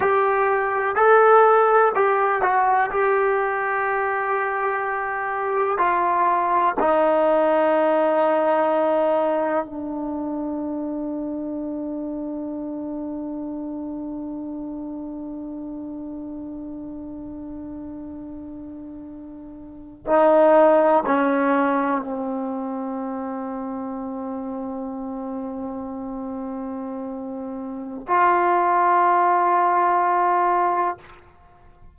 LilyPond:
\new Staff \with { instrumentName = "trombone" } { \time 4/4 \tempo 4 = 62 g'4 a'4 g'8 fis'8 g'4~ | g'2 f'4 dis'4~ | dis'2 d'2~ | d'1~ |
d'1~ | d'8. dis'4 cis'4 c'4~ c'16~ | c'1~ | c'4 f'2. | }